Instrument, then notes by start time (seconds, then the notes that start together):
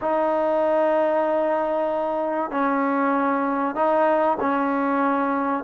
trombone
0.01 D#4
2.50 C#4
3.75 D#4
4.40 C#4